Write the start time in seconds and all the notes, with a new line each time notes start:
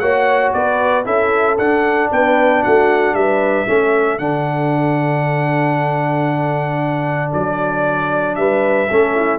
0.00 A#3 F#4 C#5 F#5
0.53 B3 B4 D5
1.05 C#4 E4 A4 E5
1.58 D4 F#5
2.12 B3 B4 G5
2.63 A3 F#4 F#5
3.13 G3 B4 E5
3.67 A3 C#4 A4
4.19 D3 D4 F#5
7.33 F#3 D5
8.36 G3 B4 E5
8.91 A3 C#4 A4
9.16 E4